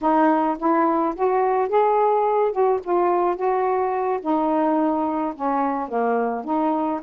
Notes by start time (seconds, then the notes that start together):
0.01 D#4
0.58 E4
1.15 F#4
1.68 G#4
2.52 F#4
2.83 F4
3.36 F#4
4.21 D#4
5.35 C#4
5.88 A#3
6.44 D#4